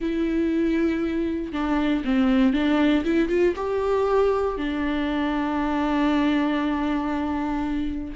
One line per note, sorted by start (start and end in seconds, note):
0.00 1.52 E4
1.52 2.03 D4
2.04 2.53 C4
2.53 3.04 D4
3.04 3.28 E4
3.28 3.54 F4
3.55 4.57 G4
4.57 8.13 D4